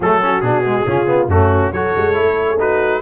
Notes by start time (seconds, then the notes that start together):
0.00 F#3 A3 G#4 A4
0.21 C#4 F#4
0.40 B2 D4 G#4
0.65 G#3
0.86 C#3 C#4 F4
1.06 B3
1.26 F#2 A3 C#4 F#4
1.72 F#3 F#4 A4 C#5
1.96 G#3
2.13 A3 E4
2.48 G#4
2.59 D#4 F#4 B4